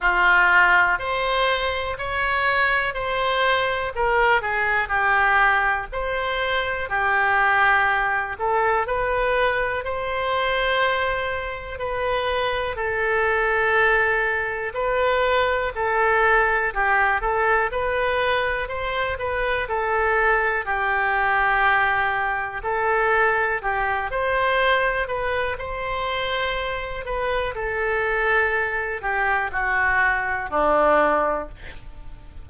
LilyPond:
\new Staff \with { instrumentName = "oboe" } { \time 4/4 \tempo 4 = 61 f'4 c''4 cis''4 c''4 | ais'8 gis'8 g'4 c''4 g'4~ | g'8 a'8 b'4 c''2 | b'4 a'2 b'4 |
a'4 g'8 a'8 b'4 c''8 b'8 | a'4 g'2 a'4 | g'8 c''4 b'8 c''4. b'8 | a'4. g'8 fis'4 d'4 | }